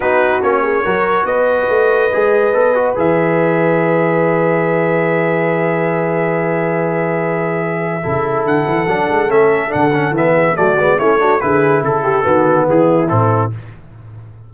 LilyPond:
<<
  \new Staff \with { instrumentName = "trumpet" } { \time 4/4 \tempo 4 = 142 b'4 cis''2 dis''4~ | dis''2. e''4~ | e''1~ | e''1~ |
e''1 | fis''2 e''4 fis''4 | e''4 d''4 cis''4 b'4 | a'2 gis'4 a'4 | }
  \new Staff \with { instrumentName = "horn" } { \time 4/4 fis'4. gis'8 ais'4 b'4~ | b'1~ | b'1~ | b'1~ |
b'2. a'4~ | a'1~ | a'8 gis'8 fis'4 e'8 fis'8 gis'4 | a'8 g'8 fis'4 e'2 | }
  \new Staff \with { instrumentName = "trombone" } { \time 4/4 dis'4 cis'4 fis'2~ | fis'4 gis'4 a'8 fis'8 gis'4~ | gis'1~ | gis'1~ |
gis'2. e'4~ | e'4 d'4 cis'4 d'8 cis'8 | b4 a8 b8 cis'8 d'8 e'4~ | e'4 b2 c'4 | }
  \new Staff \with { instrumentName = "tuba" } { \time 4/4 b4 ais4 fis4 b4 | a4 gis4 b4 e4~ | e1~ | e1~ |
e2. cis4 | d8 e8 fis8 gis8 a4 d4 | e4 fis8 gis8 a4 d4 | cis4 dis4 e4 a,4 | }
>>